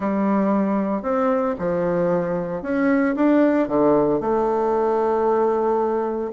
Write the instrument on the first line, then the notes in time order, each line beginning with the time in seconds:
bassoon
0.00 G3
1.02 C4
1.58 F3
2.62 C#4
3.15 D4
3.68 D3
4.20 A3